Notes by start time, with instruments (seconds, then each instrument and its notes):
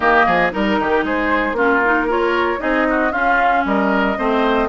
0.00 bassoon D#3, clarinet A#3, oboe G4, flute D#5
0.26 bassoon F3, oboe G#4
0.51 bassoon G3, clarinet D#4, flute A#4, oboe A#4
0.79 bassoon D#3, oboe G4
1.04 bassoon G#3, oboe G#4, flute C5
1.52 bassoon A#3, clarinet C#4, oboe F4
1.59 flute A#4
1.85 clarinet D#4
2.07 clarinet F4, oboe A#4, flute C#5
2.58 bassoon C4, clarinet D#4, oboe G#4, flute D#5
2.89 oboe F#4
3.11 bassoon C#4, clarinet C#4, oboe F4, flute F5
3.65 bassoon G3, oboe A#4, flute D#5
4.17 bassoon A3, clarinet C4, oboe C5